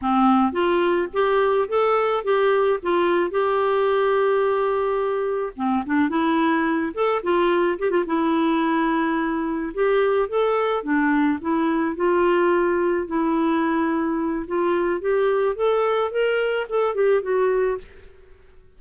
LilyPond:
\new Staff \with { instrumentName = "clarinet" } { \time 4/4 \tempo 4 = 108 c'4 f'4 g'4 a'4 | g'4 f'4 g'2~ | g'2 c'8 d'8 e'4~ | e'8 a'8 f'4 g'16 f'16 e'4.~ |
e'4. g'4 a'4 d'8~ | d'8 e'4 f'2 e'8~ | e'2 f'4 g'4 | a'4 ais'4 a'8 g'8 fis'4 | }